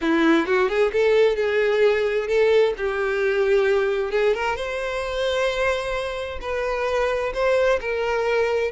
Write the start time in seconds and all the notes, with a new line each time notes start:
0.01 E4
0.46 F#4
0.68 G#4
0.92 A4
1.36 G#4
2.27 A4
2.77 G4
4.11 G#4
4.34 A#4
4.56 C5
6.41 B4
7.33 C5
7.80 A#4